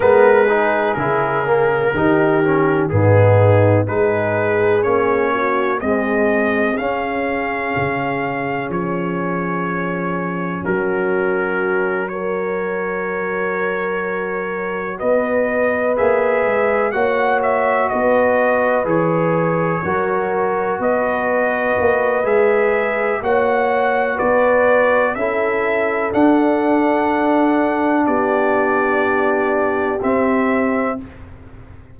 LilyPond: <<
  \new Staff \with { instrumentName = "trumpet" } { \time 4/4 \tempo 4 = 62 b'4 ais'2 gis'4 | b'4 cis''4 dis''4 f''4~ | f''4 cis''2 ais'4~ | ais'8 cis''2. dis''8~ |
dis''8 e''4 fis''8 e''8 dis''4 cis''8~ | cis''4. dis''4. e''4 | fis''4 d''4 e''4 fis''4~ | fis''4 d''2 e''4 | }
  \new Staff \with { instrumentName = "horn" } { \time 4/4 ais'8 gis'4. g'4 dis'4 | gis'4. fis'8 gis'2~ | gis'2. fis'4~ | fis'8 ais'2. b'8~ |
b'4. cis''4 b'4.~ | b'8 ais'4 b'2~ b'8 | cis''4 b'4 a'2~ | a'4 g'2. | }
  \new Staff \with { instrumentName = "trombone" } { \time 4/4 b8 dis'8 e'8 ais8 dis'8 cis'8 b4 | dis'4 cis'4 gis4 cis'4~ | cis'1~ | cis'8 fis'2.~ fis'8~ |
fis'8 gis'4 fis'2 gis'8~ | gis'8 fis'2~ fis'8 gis'4 | fis'2 e'4 d'4~ | d'2. c'4 | }
  \new Staff \with { instrumentName = "tuba" } { \time 4/4 gis4 cis4 dis4 gis,4 | gis4 ais4 c'4 cis'4 | cis4 f2 fis4~ | fis2.~ fis8 b8~ |
b8 ais8 gis8 ais4 b4 e8~ | e8 fis4 b4 ais8 gis4 | ais4 b4 cis'4 d'4~ | d'4 b2 c'4 | }
>>